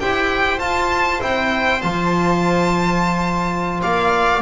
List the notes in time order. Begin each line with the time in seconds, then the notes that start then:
0.00 E4 G4 C5 G5
0.59 F4 A5
1.19 C4 E4 G5
1.81 F3 F4 A5
3.82 A#3 D5 F5